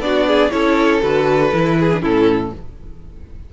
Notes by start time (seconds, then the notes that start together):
0.00 B3 D4 F#4 D5
0.27 G#4
0.51 C#4 E4 A4 C#5
1.02 D3 F#4 B4
1.54 E3 E4
1.80 G#4
1.94 D4
2.02 A2 C#4 E4 A4